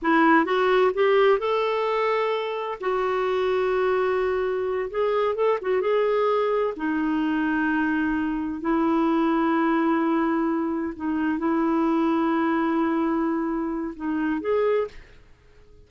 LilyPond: \new Staff \with { instrumentName = "clarinet" } { \time 4/4 \tempo 4 = 129 e'4 fis'4 g'4 a'4~ | a'2 fis'2~ | fis'2~ fis'8 gis'4 a'8 | fis'8 gis'2 dis'4.~ |
dis'2~ dis'8 e'4.~ | e'2.~ e'8 dis'8~ | dis'8 e'2.~ e'8~ | e'2 dis'4 gis'4 | }